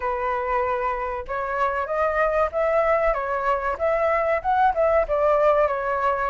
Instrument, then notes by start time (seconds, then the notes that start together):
flute
0.00 B4
1.27 C#5
1.86 D#5
2.51 E5
3.13 C#5
3.78 E5
4.42 F#5
4.74 E5
5.08 D5
5.67 C#5